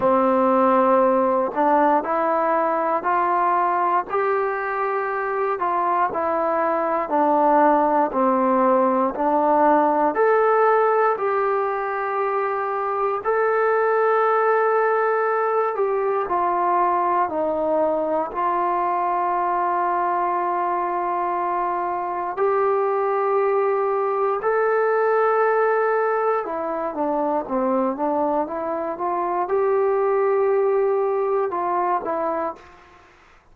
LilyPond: \new Staff \with { instrumentName = "trombone" } { \time 4/4 \tempo 4 = 59 c'4. d'8 e'4 f'4 | g'4. f'8 e'4 d'4 | c'4 d'4 a'4 g'4~ | g'4 a'2~ a'8 g'8 |
f'4 dis'4 f'2~ | f'2 g'2 | a'2 e'8 d'8 c'8 d'8 | e'8 f'8 g'2 f'8 e'8 | }